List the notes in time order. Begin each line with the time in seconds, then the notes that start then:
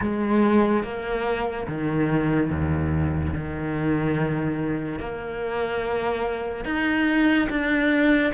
0.01 G#3
0.83 A#3
1.67 D#3
2.50 D#2
3.33 D#3
4.99 A#3
6.64 D#4
7.49 D4